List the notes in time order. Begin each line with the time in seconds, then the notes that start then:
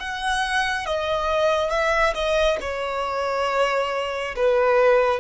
0.00 F#5
0.86 D#5
1.70 E5
2.14 D#5
2.61 C#5
4.36 B4